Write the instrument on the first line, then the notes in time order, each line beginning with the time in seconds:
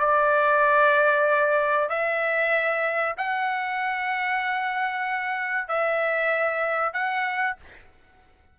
trumpet
0.00 D5
1.90 E5
3.18 F#5
5.68 E5
6.94 F#5